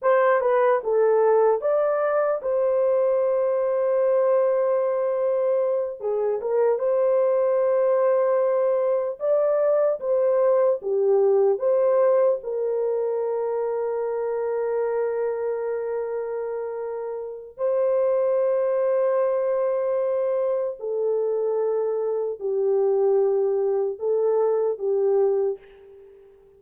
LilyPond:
\new Staff \with { instrumentName = "horn" } { \time 4/4 \tempo 4 = 75 c''8 b'8 a'4 d''4 c''4~ | c''2.~ c''8 gis'8 | ais'8 c''2. d''8~ | d''8 c''4 g'4 c''4 ais'8~ |
ais'1~ | ais'2 c''2~ | c''2 a'2 | g'2 a'4 g'4 | }